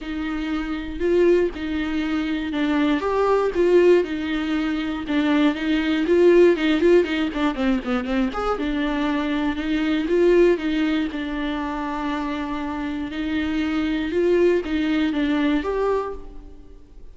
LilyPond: \new Staff \with { instrumentName = "viola" } { \time 4/4 \tempo 4 = 119 dis'2 f'4 dis'4~ | dis'4 d'4 g'4 f'4 | dis'2 d'4 dis'4 | f'4 dis'8 f'8 dis'8 d'8 c'8 b8 |
c'8 gis'8 d'2 dis'4 | f'4 dis'4 d'2~ | d'2 dis'2 | f'4 dis'4 d'4 g'4 | }